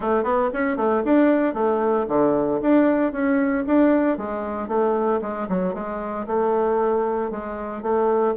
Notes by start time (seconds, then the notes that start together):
0.00 A3
0.23 B3
0.53 C#4
0.76 A3
1.05 D4
1.54 A3
2.08 D3
2.61 D4
3.12 C#4
3.66 D4
4.17 G#3
4.68 A3
5.21 G#3
5.49 F#3
5.74 G#3
6.26 A3
7.30 G#3
7.82 A3